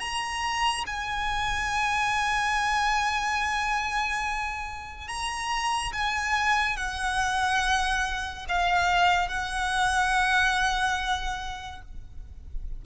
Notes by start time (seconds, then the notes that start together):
0.00 A#5
0.87 G#5
5.08 A#5
5.93 G#5
6.77 F#5
8.49 F5
9.28 F#5